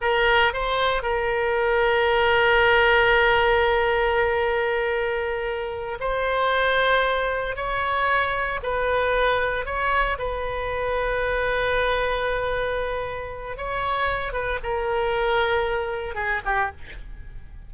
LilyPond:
\new Staff \with { instrumentName = "oboe" } { \time 4/4 \tempo 4 = 115 ais'4 c''4 ais'2~ | ais'1~ | ais'2.~ ais'8 c''8~ | c''2~ c''8 cis''4.~ |
cis''8 b'2 cis''4 b'8~ | b'1~ | b'2 cis''4. b'8 | ais'2. gis'8 g'8 | }